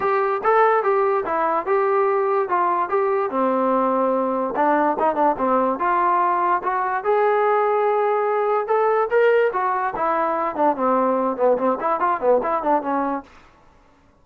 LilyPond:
\new Staff \with { instrumentName = "trombone" } { \time 4/4 \tempo 4 = 145 g'4 a'4 g'4 e'4 | g'2 f'4 g'4 | c'2. d'4 | dis'8 d'8 c'4 f'2 |
fis'4 gis'2.~ | gis'4 a'4 ais'4 fis'4 | e'4. d'8 c'4. b8 | c'8 e'8 f'8 b8 e'8 d'8 cis'4 | }